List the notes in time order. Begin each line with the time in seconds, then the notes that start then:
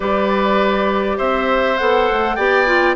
0.00 G3 G4 B4 D5
1.17 C4 C5 E5
1.77 B3 A4 F#5
2.11 A3
2.35 B3 G4 D5 G5
2.66 F4